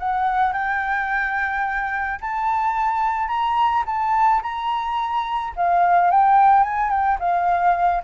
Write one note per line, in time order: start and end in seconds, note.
0.00 0.53 F#5
0.53 2.20 G5
2.21 3.28 A5
3.28 3.84 A#5
3.86 4.42 A5
4.42 5.54 A#5
5.56 6.11 F5
6.11 6.63 G5
6.63 6.90 G#5
6.90 7.18 G5
7.20 8.03 F5